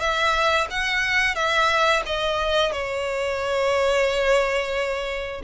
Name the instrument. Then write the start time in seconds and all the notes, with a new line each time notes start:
violin
0.00 E5
0.70 F#5
1.35 E5
2.06 D#5
2.72 C#5